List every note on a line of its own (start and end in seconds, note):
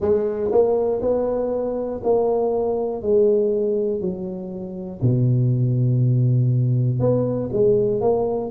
0.00 0.50 G#3
0.51 1.00 A#3
1.00 2.00 B3
2.03 3.01 A#3
3.01 4.00 G#3
4.00 5.00 F#3
5.01 6.99 B2
6.99 7.49 B3
7.52 8.00 G#3
8.00 8.50 A#3